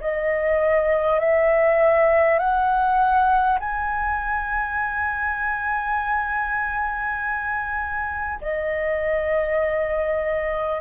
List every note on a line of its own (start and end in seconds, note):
0.00 1.19 D#5
1.19 2.38 E5
2.38 3.58 F#5
3.59 8.39 G#5
8.41 10.81 D#5